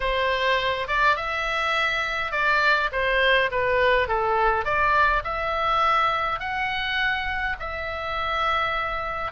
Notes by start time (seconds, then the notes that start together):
0.00 C5
0.87 D5
1.16 E5
2.31 D5
2.92 C5
3.51 B4
4.08 A4
4.64 D5
5.24 E5
6.39 F#5
7.59 E5